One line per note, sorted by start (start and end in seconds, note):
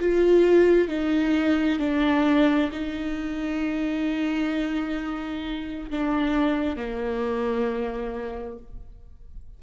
0.00 0.88 F4
0.88 1.79 D#4
1.79 2.70 D4
2.71 5.90 D#4
5.90 6.76 D4
6.76 8.58 A#3